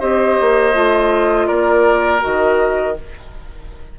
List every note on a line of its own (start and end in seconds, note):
0.00 0.39 C4
0.00 0.73 G4
0.00 1.48 C5
0.00 1.47 D#5
0.41 0.75 A#3
0.73 1.49 A3
0.73 2.20 F4
1.47 2.24 A#3
1.47 2.96 A#4
1.47 2.21 D5
2.20 2.99 D#3
2.20 2.94 F#4
2.20 2.98 D#5